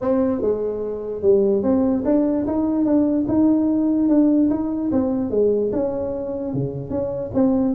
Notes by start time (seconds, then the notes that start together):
0.01 C4
0.41 G#3
1.22 G3
1.62 C4
2.05 D4
2.47 D#4
2.85 D4
3.27 D#4
4.08 D4
4.50 D#4
4.91 C4
5.30 G#3
5.72 C#4
6.53 C#3
6.89 C#4
7.34 C4